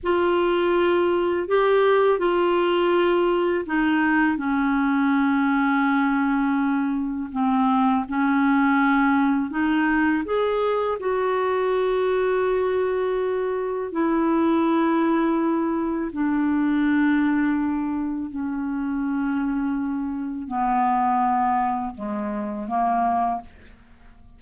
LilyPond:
\new Staff \with { instrumentName = "clarinet" } { \time 4/4 \tempo 4 = 82 f'2 g'4 f'4~ | f'4 dis'4 cis'2~ | cis'2 c'4 cis'4~ | cis'4 dis'4 gis'4 fis'4~ |
fis'2. e'4~ | e'2 d'2~ | d'4 cis'2. | b2 gis4 ais4 | }